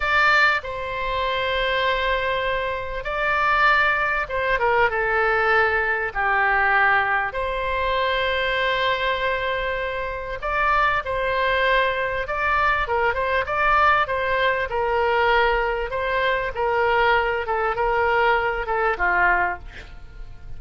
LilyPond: \new Staff \with { instrumentName = "oboe" } { \time 4/4 \tempo 4 = 98 d''4 c''2.~ | c''4 d''2 c''8 ais'8 | a'2 g'2 | c''1~ |
c''4 d''4 c''2 | d''4 ais'8 c''8 d''4 c''4 | ais'2 c''4 ais'4~ | ais'8 a'8 ais'4. a'8 f'4 | }